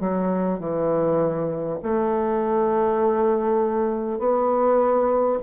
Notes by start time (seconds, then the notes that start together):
0.00 F#3
0.59 E3
1.83 A3
4.18 B3